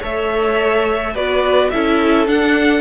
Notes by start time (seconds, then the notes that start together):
0.00 A3 A4 C#5 E5
1.14 B3 F#4 B4 D5
1.70 C#4 E4 A4 E5
2.27 D4 F#5